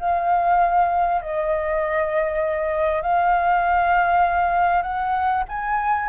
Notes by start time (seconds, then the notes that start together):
0.00 F5
1.22 D#5
3.02 F5
4.83 F#5
5.49 G#5